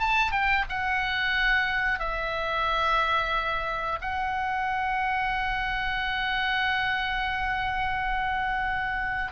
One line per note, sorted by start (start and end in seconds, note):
0.00 0.32 A5
0.32 0.65 G5
0.69 2.00 F#5
2.00 4.00 E5
4.02 9.33 F#5